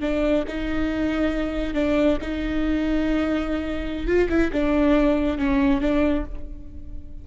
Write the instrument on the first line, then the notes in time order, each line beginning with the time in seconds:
viola
0.00 D4
0.47 D#4
1.74 D4
2.21 D#4
4.07 F4
4.29 E4
4.52 D4
5.38 C#4
5.81 D4